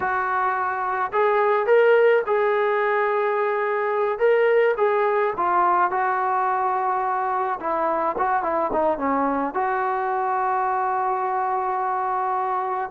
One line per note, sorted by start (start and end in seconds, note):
0.00 1.11 F#4
1.12 1.66 G#4
1.66 2.22 A#4
2.26 4.18 G#4
4.18 4.74 A#4
4.77 5.33 G#4
5.37 5.90 F4
5.90 7.59 F#4
7.60 8.16 E4
8.18 8.43 F#4
8.43 8.71 E4
8.72 8.97 D#4
8.97 9.54 C#4
9.54 12.90 F#4